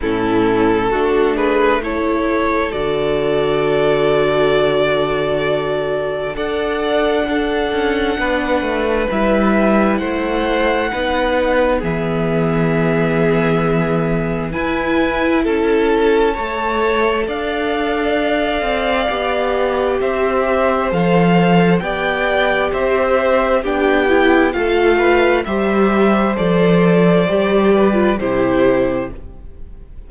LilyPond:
<<
  \new Staff \with { instrumentName = "violin" } { \time 4/4 \tempo 4 = 66 a'4. b'8 cis''4 d''4~ | d''2. fis''4~ | fis''2 e''4 fis''4~ | fis''4 e''2. |
gis''4 a''2 f''4~ | f''2 e''4 f''4 | g''4 e''4 g''4 f''4 | e''4 d''2 c''4 | }
  \new Staff \with { instrumentName = "violin" } { \time 4/4 e'4 fis'8 gis'8 a'2~ | a'2. d''4 | a'4 b'2 c''4 | b'4 gis'2. |
b'4 a'4 cis''4 d''4~ | d''2 c''2 | d''4 c''4 g'4 a'8 b'8 | c''2~ c''8 b'8 g'4 | }
  \new Staff \with { instrumentName = "viola" } { \time 4/4 cis'4 d'4 e'4 fis'4~ | fis'2. a'4 | d'2 e'2 | dis'4 b2. |
e'2 a'2~ | a'4 g'2 a'4 | g'2 d'8 e'8 f'4 | g'4 a'4 g'8. f'16 e'4 | }
  \new Staff \with { instrumentName = "cello" } { \time 4/4 a,4 a2 d4~ | d2. d'4~ | d'8 cis'8 b8 a8 g4 a4 | b4 e2. |
e'4 cis'4 a4 d'4~ | d'8 c'8 b4 c'4 f4 | b4 c'4 b4 a4 | g4 f4 g4 c4 | }
>>